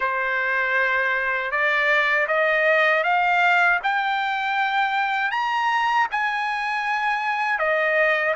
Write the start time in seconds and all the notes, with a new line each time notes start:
0.00 C5
1.51 D5
2.28 D#5
3.03 F5
3.83 G5
5.31 A#5
6.11 G#5
7.58 D#5